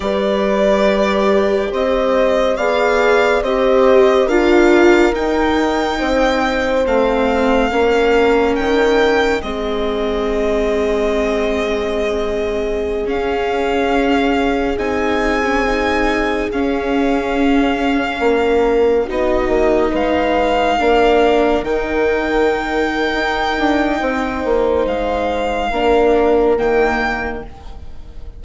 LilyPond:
<<
  \new Staff \with { instrumentName = "violin" } { \time 4/4 \tempo 4 = 70 d''2 dis''4 f''4 | dis''4 f''4 g''2 | f''2 g''4 dis''4~ | dis''2.~ dis''16 f''8.~ |
f''4~ f''16 gis''2 f''8.~ | f''2~ f''16 dis''4 f''8.~ | f''4~ f''16 g''2~ g''8.~ | g''4 f''2 g''4 | }
  \new Staff \with { instrumentName = "horn" } { \time 4/4 b'2 c''4 d''4 | c''4 ais'2 c''4~ | c''4 ais'2 gis'4~ | gis'1~ |
gis'1~ | gis'4~ gis'16 ais'4 fis'4 b'8.~ | b'16 ais'2.~ ais'8. | c''2 ais'2 | }
  \new Staff \with { instrumentName = "viola" } { \time 4/4 g'2. gis'4 | g'4 f'4 dis'2 | c'4 cis'2 c'4~ | c'2.~ c'16 cis'8.~ |
cis'4~ cis'16 dis'8. cis'16 dis'4 cis'8.~ | cis'2~ cis'16 dis'4.~ dis'16~ | dis'16 d'4 dis'2~ dis'8.~ | dis'2 d'4 ais4 | }
  \new Staff \with { instrumentName = "bassoon" } { \time 4/4 g2 c'4 b4 | c'4 d'4 dis'4 c'4 | a4 ais4 dis4 gis4~ | gis2.~ gis16 cis'8.~ |
cis'4~ cis'16 c'2 cis'8.~ | cis'4~ cis'16 ais4 b8 ais8 gis8.~ | gis16 ais4 dis4.~ dis16 dis'8 d'8 | c'8 ais8 gis4 ais4 dis4 | }
>>